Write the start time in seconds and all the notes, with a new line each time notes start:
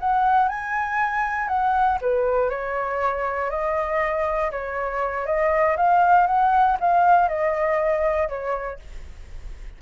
0.00 F#5
0.49 G#5
1.48 F#5
2.01 B4
2.50 C#5
3.50 D#5
4.51 C#5
5.26 D#5
5.77 F5
6.27 F#5
6.80 F5
7.29 D#5
8.28 C#5